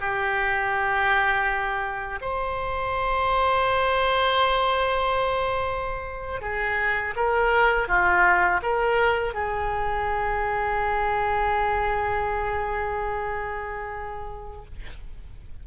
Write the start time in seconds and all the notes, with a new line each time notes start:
0.00 G4
2.21 C5
6.41 G#4
7.16 A#4
7.88 F4
8.62 A#4
9.34 G#4